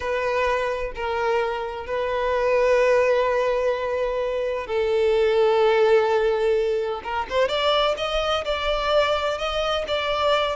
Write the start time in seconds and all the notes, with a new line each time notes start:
0.00 B4
0.95 A#4
1.86 B4
4.66 A4
7.03 A#4
7.29 C5
7.48 D5
7.97 D#5
8.45 D5
9.37 D#5
9.87 D5